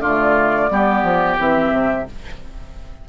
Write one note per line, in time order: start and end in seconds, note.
0.00 0.68 D3
0.00 0.70 A3
0.00 0.70 F4
0.00 1.37 D5
0.70 1.03 G3
0.70 1.38 B3
0.70 2.09 G4
1.03 1.37 F3
1.38 1.72 E3
1.38 2.06 C4
1.38 2.08 E5
1.72 2.06 C3